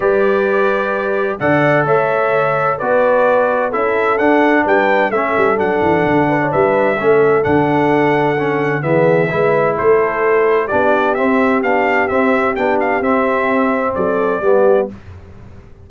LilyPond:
<<
  \new Staff \with { instrumentName = "trumpet" } { \time 4/4 \tempo 4 = 129 d''2. fis''4 | e''2 d''2 | e''4 fis''4 g''4 e''4 | fis''2 e''2 |
fis''2. e''4~ | e''4 c''2 d''4 | e''4 f''4 e''4 g''8 f''8 | e''2 d''2 | }
  \new Staff \with { instrumentName = "horn" } { \time 4/4 b'2. d''4 | cis''2 b'2 | a'2 b'4 a'4~ | a'4. b'16 cis''16 b'4 a'4~ |
a'2. gis'4 | b'4 a'2 g'4~ | g'1~ | g'2 a'4 g'4 | }
  \new Staff \with { instrumentName = "trombone" } { \time 4/4 g'2. a'4~ | a'2 fis'2 | e'4 d'2 cis'4 | d'2. cis'4 |
d'2 cis'4 b4 | e'2. d'4 | c'4 d'4 c'4 d'4 | c'2. b4 | }
  \new Staff \with { instrumentName = "tuba" } { \time 4/4 g2. d4 | a2 b2 | cis'4 d'4 g4 a8 g8 | fis8 e8 d4 g4 a4 |
d2. e4 | gis4 a2 b4 | c'4 b4 c'4 b4 | c'2 fis4 g4 | }
>>